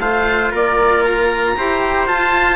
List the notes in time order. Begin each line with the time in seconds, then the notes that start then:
0.00 A3 F4 C5 F5
0.52 A#3 A#4 D5
1.05 A#5
1.57 E4 G4 C5
2.08 F4 A5